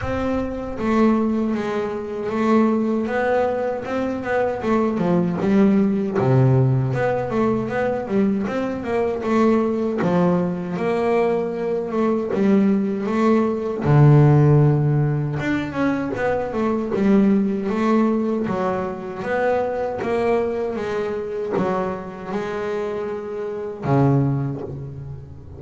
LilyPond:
\new Staff \with { instrumentName = "double bass" } { \time 4/4 \tempo 4 = 78 c'4 a4 gis4 a4 | b4 c'8 b8 a8 f8 g4 | c4 b8 a8 b8 g8 c'8 ais8 | a4 f4 ais4. a8 |
g4 a4 d2 | d'8 cis'8 b8 a8 g4 a4 | fis4 b4 ais4 gis4 | fis4 gis2 cis4 | }